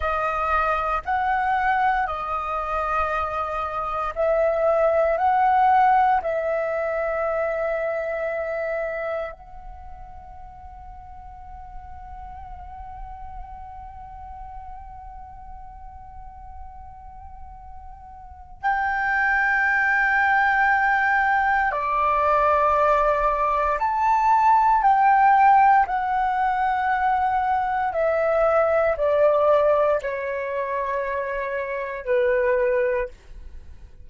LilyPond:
\new Staff \with { instrumentName = "flute" } { \time 4/4 \tempo 4 = 58 dis''4 fis''4 dis''2 | e''4 fis''4 e''2~ | e''4 fis''2.~ | fis''1~ |
fis''2 g''2~ | g''4 d''2 a''4 | g''4 fis''2 e''4 | d''4 cis''2 b'4 | }